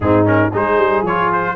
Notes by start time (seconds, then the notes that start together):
0.00 G#2 C4 D#4 G#4
0.25 C#4 A#4
0.49 G#3 D#4 G#4
0.56 C5
0.77 G3
1.02 F3 C#5
1.08 F4
1.32 C5